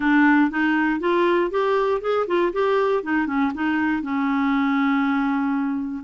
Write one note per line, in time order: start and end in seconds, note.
0.00 0.50 D4
0.50 1.00 D#4
1.00 1.50 F4
1.50 2.01 G4
2.01 2.26 G#4
2.27 2.52 F4
2.52 3.03 G4
3.03 3.27 D#4
3.27 3.52 C#4
3.54 4.02 D#4
4.02 6.04 C#4